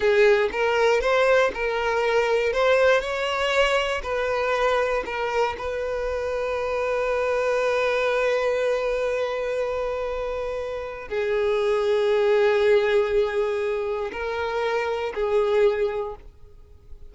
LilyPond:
\new Staff \with { instrumentName = "violin" } { \time 4/4 \tempo 4 = 119 gis'4 ais'4 c''4 ais'4~ | ais'4 c''4 cis''2 | b'2 ais'4 b'4~ | b'1~ |
b'1~ | b'2 gis'2~ | gis'1 | ais'2 gis'2 | }